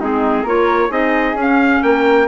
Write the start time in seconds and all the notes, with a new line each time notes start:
0.00 G#3 C4 D#4 G#4
0.42 A#3 F4 A#4 C#5
0.89 C4 D#4 G#4 D#5
1.34 C#4
1.41 C#4 F5
1.83 A#3 A#4 G5